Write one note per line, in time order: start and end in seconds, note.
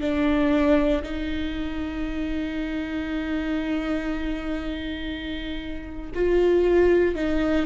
0.00 1.02 D4
1.03 6.11 D#4
6.14 7.15 F4
7.15 7.65 D#4